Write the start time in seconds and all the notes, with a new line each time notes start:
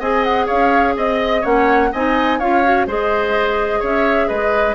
0.00 C4 G#4 D#5 G#5
0.24 F#5
0.46 C#4 C#5 F5
0.97 C4 D#5
1.41 A#3 C#4 C#5 F#5
1.93 C4 D#4 D#5 G#5
2.39 C#4 F4 C#5 F5
2.65 F#4
2.87 G#3 G#4 C5 D#5
3.80 C#4 C#5 E5
4.28 G#3 B4 D#5